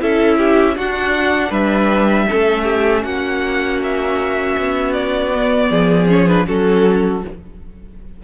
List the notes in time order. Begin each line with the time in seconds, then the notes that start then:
0.00 C#4 E4 A4 E5
0.38 G4
0.76 D4 F#4 F#5
1.49 G3 B4 E5
2.28 A3 C#4 A4
2.63 G4
3.03 A#3 F#4 F#5
3.83 E5
4.58 B3
4.93 D5
5.34 B3
5.70 F3 G#4
6.09 C#4 C#5
6.28 D4 B4
6.47 F#3 C#4 F#4 A4